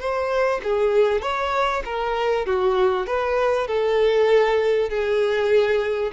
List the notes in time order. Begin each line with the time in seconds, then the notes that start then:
0.00 C5
0.63 G#4
1.22 C#5
1.85 A#4
2.46 F#4
3.06 B4
3.68 A4
4.89 G#4